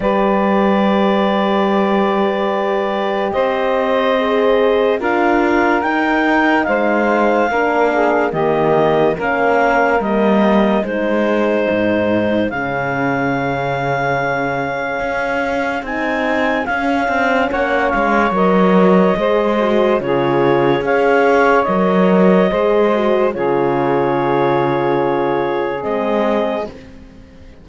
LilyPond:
<<
  \new Staff \with { instrumentName = "clarinet" } { \time 4/4 \tempo 4 = 72 d''1 | dis''2 f''4 g''4 | f''2 dis''4 f''4 | dis''4 c''2 f''4~ |
f''2. gis''4 | f''4 fis''8 f''8 dis''2 | cis''4 f''4 dis''2 | cis''2. dis''4 | }
  \new Staff \with { instrumentName = "saxophone" } { \time 4/4 b'1 | c''2 ais'2 | c''4 ais'8 gis'8 g'4 ais'4~ | ais'4 gis'2.~ |
gis'1~ | gis'4 cis''2 c''4 | gis'4 cis''2 c''4 | gis'1 | }
  \new Staff \with { instrumentName = "horn" } { \time 4/4 g'1~ | g'4 gis'4 f'4 dis'4~ | dis'4 d'4 ais4 cis'4 | ais4 dis'2 cis'4~ |
cis'2. dis'4 | cis'2 ais'4 gis'8 fis'8 | f'4 gis'4 ais'4 gis'8 fis'8 | f'2. c'4 | }
  \new Staff \with { instrumentName = "cello" } { \time 4/4 g1 | c'2 d'4 dis'4 | gis4 ais4 dis4 ais4 | g4 gis4 gis,4 cis4~ |
cis2 cis'4 c'4 | cis'8 c'8 ais8 gis8 fis4 gis4 | cis4 cis'4 fis4 gis4 | cis2. gis4 | }
>>